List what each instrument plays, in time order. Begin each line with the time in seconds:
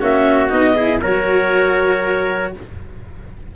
0.00 tuba A#3, cello C#4, trumpet F#4, clarinet E5
0.49 tuba B3, cello D#4, clarinet D#5
0.76 cello E4, trumpet G#4
1.01 tuba F#3, cello F#4, trumpet A#4, clarinet C#5